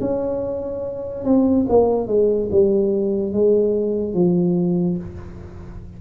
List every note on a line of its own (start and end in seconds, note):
0.00 1.24 C#4
1.24 1.66 C4
1.69 2.07 A#3
2.07 2.49 G#3
2.51 3.33 G3
3.33 4.14 G#3
4.14 4.97 F3